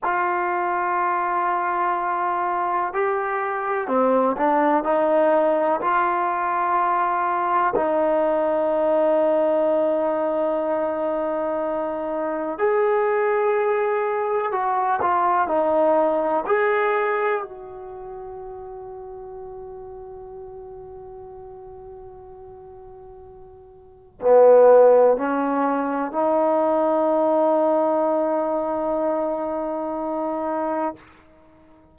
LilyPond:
\new Staff \with { instrumentName = "trombone" } { \time 4/4 \tempo 4 = 62 f'2. g'4 | c'8 d'8 dis'4 f'2 | dis'1~ | dis'4 gis'2 fis'8 f'8 |
dis'4 gis'4 fis'2~ | fis'1~ | fis'4 b4 cis'4 dis'4~ | dis'1 | }